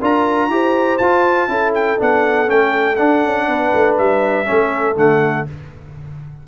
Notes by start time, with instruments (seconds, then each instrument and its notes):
0.00 tuba D4, trombone F4, horn A#4, trumpet A#5
0.49 tuba E4, trombone G4, horn C5
0.98 tuba F4, trombone F4, trumpet A5
1.49 tuba C#4, trombone E4, horn A4
1.75 trumpet G5
1.98 tuba B3, trombone D4, trumpet F#5
2.47 tuba A3, trombone C#4, trumpet G5
2.96 trombone D4, tuba D4, trumpet F#5
3.25 tuba C#4
3.48 tuba B3, horn B4
3.75 tuba A3
3.98 tuba G3, trumpet E5
4.45 tuba A3, trombone C#4, horn A4
4.97 tuba D3, trombone A3, trumpet F#5